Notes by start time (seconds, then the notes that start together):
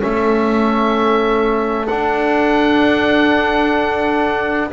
0.00 A3 C#4 A4 E5
1.87 D4 F#5